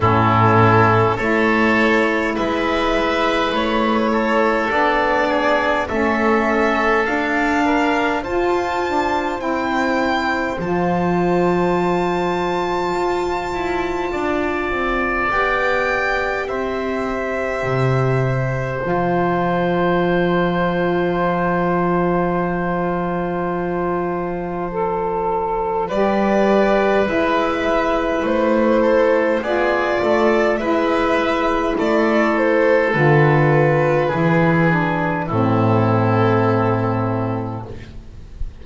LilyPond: <<
  \new Staff \with { instrumentName = "violin" } { \time 4/4 \tempo 4 = 51 a'4 cis''4 e''4 cis''4 | d''4 e''4 f''4 a''4 | g''4 a''2.~ | a''4 g''4 e''2 |
a''1~ | a''2 d''4 e''4 | c''4 d''4 e''4 d''8 c''8 | b'2 a'2 | }
  \new Staff \with { instrumentName = "oboe" } { \time 4/4 e'4 a'4 b'4. a'8~ | a'8 gis'8 a'4. ais'8 c''4~ | c''1 | d''2 c''2~ |
c''1~ | c''2 b'2~ | b'8 a'8 gis'8 a'8 b'4 a'4~ | a'4 gis'4 e'2 | }
  \new Staff \with { instrumentName = "saxophone" } { \time 4/4 cis'4 e'2. | d'4 cis'4 d'4 f'8 d'8 | e'4 f'2.~ | f'4 g'2. |
f'1~ | f'4 a'4 g'4 e'4~ | e'4 f'4 e'2 | f'4 e'8 d'8 c'2 | }
  \new Staff \with { instrumentName = "double bass" } { \time 4/4 a,4 a4 gis4 a4 | b4 a4 d'4 f'4 | c'4 f2 f'8 e'8 | d'8 c'8 b4 c'4 c4 |
f1~ | f2 g4 gis4 | a4 b8 a8 gis4 a4 | d4 e4 a,2 | }
>>